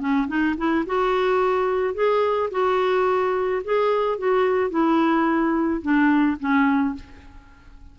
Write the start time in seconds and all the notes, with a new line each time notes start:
0.00 C#4
0.28 D#4
0.58 E4
0.87 F#4
1.94 G#4
2.52 F#4
3.64 G#4
4.18 F#4
4.70 E4
5.82 D4
6.40 C#4